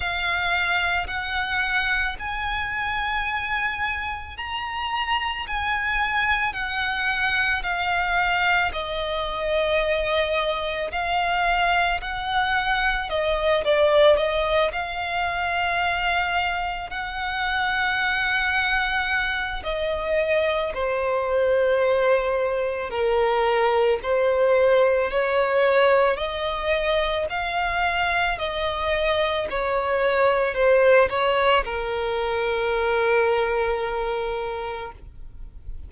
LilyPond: \new Staff \with { instrumentName = "violin" } { \time 4/4 \tempo 4 = 55 f''4 fis''4 gis''2 | ais''4 gis''4 fis''4 f''4 | dis''2 f''4 fis''4 | dis''8 d''8 dis''8 f''2 fis''8~ |
fis''2 dis''4 c''4~ | c''4 ais'4 c''4 cis''4 | dis''4 f''4 dis''4 cis''4 | c''8 cis''8 ais'2. | }